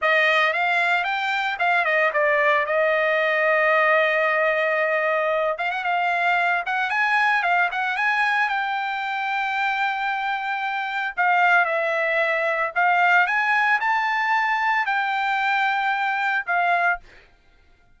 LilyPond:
\new Staff \with { instrumentName = "trumpet" } { \time 4/4 \tempo 4 = 113 dis''4 f''4 g''4 f''8 dis''8 | d''4 dis''2.~ | dis''2~ dis''8 f''16 fis''16 f''4~ | f''8 fis''8 gis''4 f''8 fis''8 gis''4 |
g''1~ | g''4 f''4 e''2 | f''4 gis''4 a''2 | g''2. f''4 | }